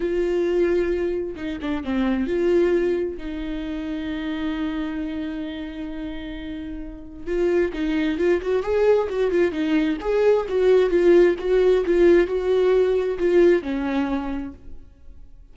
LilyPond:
\new Staff \with { instrumentName = "viola" } { \time 4/4 \tempo 4 = 132 f'2. dis'8 d'8 | c'4 f'2 dis'4~ | dis'1~ | dis'1 |
f'4 dis'4 f'8 fis'8 gis'4 | fis'8 f'8 dis'4 gis'4 fis'4 | f'4 fis'4 f'4 fis'4~ | fis'4 f'4 cis'2 | }